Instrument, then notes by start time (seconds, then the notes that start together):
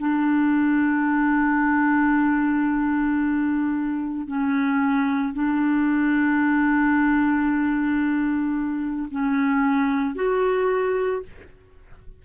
clarinet
0.00 D4
4.28 C#4
5.34 D4
9.12 C#4
10.15 F#4